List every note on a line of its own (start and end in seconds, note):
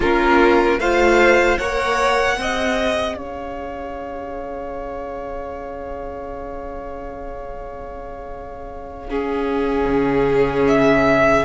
0.00 0.78 A#3
0.00 0.81 C#4
0.00 0.79 F4
0.00 0.80 A#4
0.78 1.57 A3
0.78 1.59 F4
0.78 1.58 C5
0.78 1.58 F5
1.58 2.37 A#3
1.58 2.38 A#4
1.58 2.37 C#5
1.58 3.15 F#5
2.37 3.15 C4
2.37 9.08 G#4
2.37 3.17 D#5
3.15 9.85 C#4
3.15 9.09 C#5
3.15 10.65 F5
9.08 11.45 C#4
9.08 11.45 G#4
9.85 11.43 C#3
10.67 11.45 E5